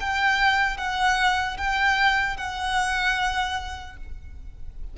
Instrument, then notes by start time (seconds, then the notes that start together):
violin
0.00 G5
0.77 F#5
1.57 G5
2.37 F#5